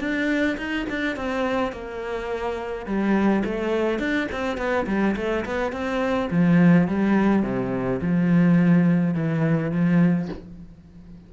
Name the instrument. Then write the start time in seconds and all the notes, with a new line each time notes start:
cello
0.00 D4
0.57 D#4
0.90 D4
1.17 C4
1.72 A#3
2.86 G3
3.45 A3
3.99 D4
4.32 C4
4.57 B3
4.87 G3
5.17 A3
5.45 B3
5.72 C4
6.31 F3
6.88 G3
7.43 C3
8.02 F3
9.14 E3
9.72 F3